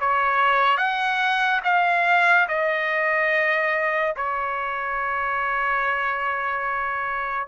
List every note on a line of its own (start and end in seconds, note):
0.00 0.77 C#5
0.77 1.60 F#5
1.64 2.47 F5
2.48 4.14 D#5
4.16 7.47 C#5